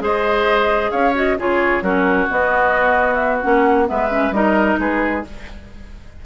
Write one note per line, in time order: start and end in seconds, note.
0.00 0.91 G#3
0.00 1.14 G#4
0.00 0.91 C5
0.00 0.91 D#5
0.91 1.38 C#4
0.91 1.37 C#5
0.91 1.14 F5
1.14 1.37 F#4
1.14 1.39 D#5
1.38 1.82 C#3
1.38 1.83 F4
1.38 1.83 G#4
1.38 1.83 C#5
1.82 2.27 F#3
1.82 2.29 C#4
1.82 3.88 F#4
1.82 2.28 A#4
2.30 3.42 B3
2.30 3.45 B3
2.30 3.15 D#5
3.15 3.37 E5
3.42 3.90 A#3
3.42 3.86 C#4
3.42 3.87 F#5
3.86 4.31 G#3
3.86 4.09 B3
3.86 4.35 B4
3.86 4.33 E5
4.10 4.32 C#4
4.31 4.76 G3
4.31 5.24 D#4
4.31 4.80 A#4
4.31 4.79 D#5
4.79 5.25 G#3
4.79 5.25 G#4
4.79 5.25 B4